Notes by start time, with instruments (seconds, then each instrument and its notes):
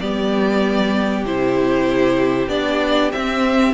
0.00 cello G3, viola B3, violin G4 D5
1.25 cello C3, viola E4, violin C5
2.48 cello B3, viola D4, violin D5
3.12 viola C4, cello C4, violin E5